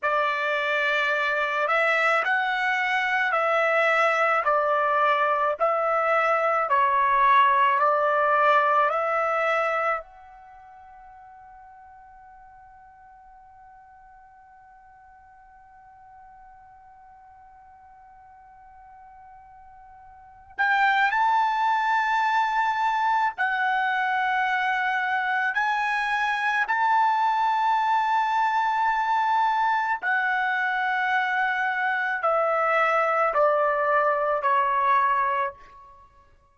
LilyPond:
\new Staff \with { instrumentName = "trumpet" } { \time 4/4 \tempo 4 = 54 d''4. e''8 fis''4 e''4 | d''4 e''4 cis''4 d''4 | e''4 fis''2.~ | fis''1~ |
fis''2~ fis''8 g''8 a''4~ | a''4 fis''2 gis''4 | a''2. fis''4~ | fis''4 e''4 d''4 cis''4 | }